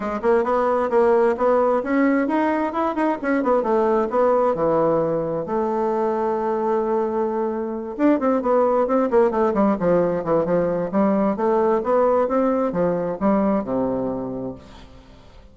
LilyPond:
\new Staff \with { instrumentName = "bassoon" } { \time 4/4 \tempo 4 = 132 gis8 ais8 b4 ais4 b4 | cis'4 dis'4 e'8 dis'8 cis'8 b8 | a4 b4 e2 | a1~ |
a4. d'8 c'8 b4 c'8 | ais8 a8 g8 f4 e8 f4 | g4 a4 b4 c'4 | f4 g4 c2 | }